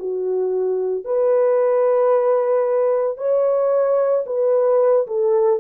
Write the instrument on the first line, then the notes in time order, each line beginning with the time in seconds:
horn
0.00 F#4
1.05 B4
3.18 C#5
4.27 B4
5.07 A4